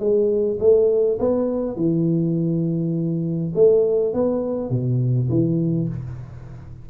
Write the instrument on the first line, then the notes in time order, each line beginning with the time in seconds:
tuba
0.00 G#3
0.60 A3
1.20 B3
1.76 E3
3.55 A3
4.14 B3
4.70 B2
5.30 E3